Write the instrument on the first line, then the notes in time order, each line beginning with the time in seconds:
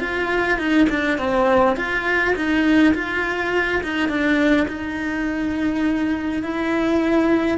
cello
0.00 F4
0.58 D#4
0.89 D4
1.18 C4
1.76 F4
2.35 D#4
2.94 F4
3.83 D#4
4.09 D4
4.68 D#4
6.43 E4